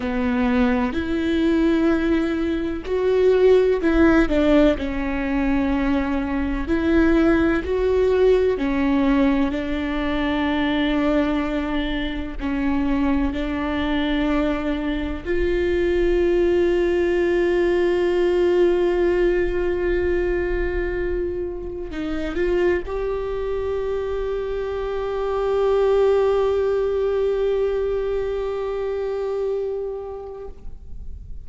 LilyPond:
\new Staff \with { instrumentName = "viola" } { \time 4/4 \tempo 4 = 63 b4 e'2 fis'4 | e'8 d'8 cis'2 e'4 | fis'4 cis'4 d'2~ | d'4 cis'4 d'2 |
f'1~ | f'2. dis'8 f'8 | g'1~ | g'1 | }